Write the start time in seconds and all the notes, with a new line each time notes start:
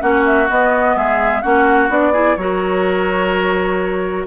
0.00 A#3 C#4 F#4 F#5
0.25 E5
0.49 B3 D#5
0.96 G#3 G#4 E5
1.42 A#3 C#4 F#4 F#5
1.89 B3 D4 D5
2.12 E4 G#4
2.36 F#3 F#4 A#4 C#5